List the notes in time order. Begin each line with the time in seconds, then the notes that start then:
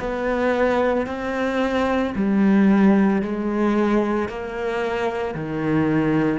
0.00 B3
1.07 C4
2.15 G3
3.22 G#3
4.29 A#3
5.35 D#3